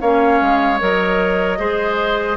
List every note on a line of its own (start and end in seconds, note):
0.00 0.40 A#3
0.00 0.78 C#4
0.00 1.58 C#5
0.00 0.79 F5
0.41 0.80 G#3
0.78 1.59 F#3
0.78 1.57 A#4
0.78 2.36 D#5
1.57 2.36 G#3
1.57 2.36 G#4
1.57 2.36 C5